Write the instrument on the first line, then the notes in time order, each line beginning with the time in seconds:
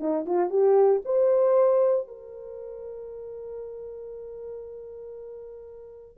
horn
0.00 D#4
0.26 F4
0.50 G4
1.06 C5
2.08 A#4